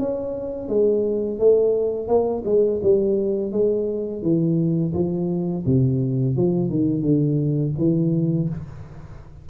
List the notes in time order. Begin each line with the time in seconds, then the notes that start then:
0.00 C#4
0.69 G#3
1.40 A3
2.08 A#3
2.46 G#3
2.83 G3
3.53 G#3
4.23 E3
4.94 F3
5.66 C3
6.37 F3
6.70 D#3
7.02 D3
7.79 E3